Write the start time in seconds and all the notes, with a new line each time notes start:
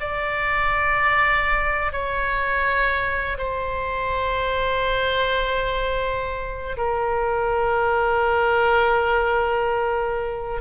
0.00 D5
1.92 C#5
3.37 C5
6.77 A#4